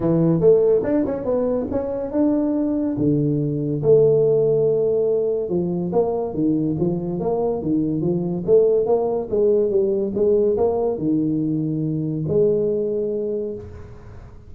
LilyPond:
\new Staff \with { instrumentName = "tuba" } { \time 4/4 \tempo 4 = 142 e4 a4 d'8 cis'8 b4 | cis'4 d'2 d4~ | d4 a2.~ | a4 f4 ais4 dis4 |
f4 ais4 dis4 f4 | a4 ais4 gis4 g4 | gis4 ais4 dis2~ | dis4 gis2. | }